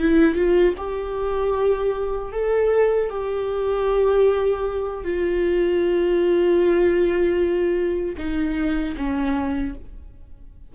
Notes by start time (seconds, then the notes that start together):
0.00 E4
0.35 F4
0.78 G4
2.33 A4
3.10 G4
5.05 F4
8.18 D#4
8.98 C#4